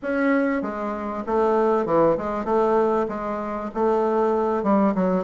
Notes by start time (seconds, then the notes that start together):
0.02 C#4
0.62 G#3
1.26 A3
1.85 E3
2.17 G#3
2.44 A3
3.08 G#3
3.74 A3
4.63 G3
4.94 F#3